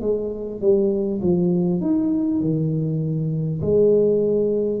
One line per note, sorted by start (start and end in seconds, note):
0.00 0.60 G#3
0.60 1.20 G3
1.21 1.81 F3
1.81 2.41 D#4
2.41 3.61 D#3
3.61 4.80 G#3